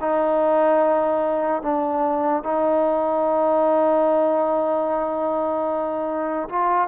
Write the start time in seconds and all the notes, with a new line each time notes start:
0.00 D#4
1.62 D4
2.43 D#4
6.49 F4